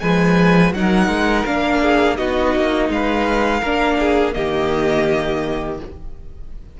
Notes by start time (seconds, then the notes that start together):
0.00 F3 G#3 B4 G#5
0.73 F#3 D#4 A#4 F#5
1.07 G#3
1.45 A#3 D4 F5
1.82 G#4
2.16 B3 D#4 F#4 D#5
2.55 A#3
2.89 G#3 B4 F5
3.60 A#3 D4 A#4
3.99 G#4
4.33 D#3 A#3 G4 D#5